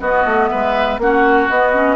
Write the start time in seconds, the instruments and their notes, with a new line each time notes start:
0.00 bassoon B3, clarinet B3, oboe F#4, flute D#5
0.25 bassoon A3
0.49 bassoon G#3, oboe B4, flute E5
0.99 bassoon A#3, clarinet C#4, oboe F#4, flute F#5
1.50 bassoon B3, clarinet B3, flute D#5
1.74 clarinet C#4